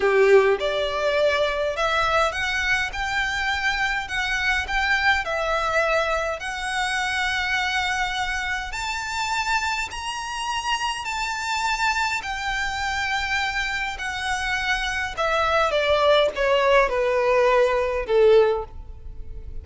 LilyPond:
\new Staff \with { instrumentName = "violin" } { \time 4/4 \tempo 4 = 103 g'4 d''2 e''4 | fis''4 g''2 fis''4 | g''4 e''2 fis''4~ | fis''2. a''4~ |
a''4 ais''2 a''4~ | a''4 g''2. | fis''2 e''4 d''4 | cis''4 b'2 a'4 | }